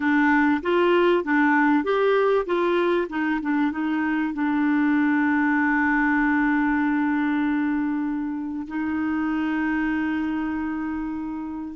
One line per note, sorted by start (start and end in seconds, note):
0.00 0.61 D4
0.62 1.24 F4
1.24 1.84 D4
1.84 2.45 G4
2.45 3.07 F4
3.09 3.40 D#4
3.41 3.71 D4
3.71 4.33 D#4
4.33 8.66 D4
8.67 11.75 D#4